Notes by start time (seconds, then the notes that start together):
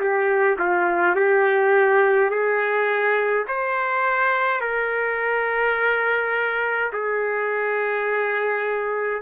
0.00 G4
0.59 F4
1.16 G4
2.30 G#4
3.48 C5
4.60 A#4
6.93 G#4